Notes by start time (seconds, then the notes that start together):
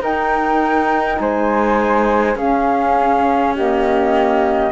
0.00 D#4 A#4 G5
1.19 G#3 C5 G#5
2.36 C#4 G#4 F5
3.55 A#3 G4 D#5